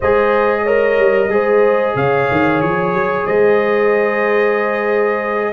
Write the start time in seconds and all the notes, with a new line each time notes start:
0.00 G#3 G#4 C5 D#5
0.63 A#4 C#5
0.98 G3
1.28 G#3 G#4 C5
1.95 C#3 C#5 F5
2.30 D#3
2.61 F3 C#5
2.93 F#3
3.25 G#3 C5 D#5